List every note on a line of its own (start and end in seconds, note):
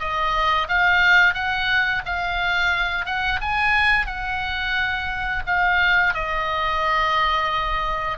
0.00 0.68 D#5
0.69 1.34 F5
1.34 2.02 F#5
2.06 3.06 F5
3.06 3.40 F#5
3.42 4.07 G#5
4.07 5.43 F#5
5.47 6.14 F5
6.14 8.18 D#5